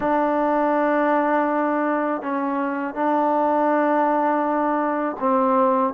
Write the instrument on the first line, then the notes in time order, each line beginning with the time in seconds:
trombone
0.00 D4
2.22 C#4
2.94 D4
5.19 C4